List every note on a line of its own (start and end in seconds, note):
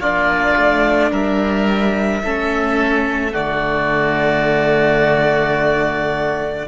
0.00 0.56 A#3
0.00 2.24 D4
0.00 1.11 F4
0.00 1.12 D5
0.56 1.11 A3
1.11 2.22 G3
1.11 2.22 A#4
1.11 3.34 E5
2.24 3.35 A3
2.24 3.31 C#4
2.24 3.32 A4
3.31 6.68 D3
3.31 6.64 A3
3.31 6.66 F#4
3.31 6.67 D5